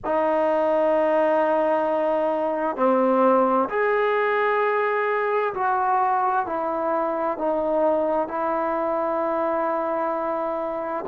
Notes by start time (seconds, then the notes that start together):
0.05 D#4
2.76 C4
3.69 G#4
5.54 F#4
6.46 E4
7.38 D#4
8.27 E4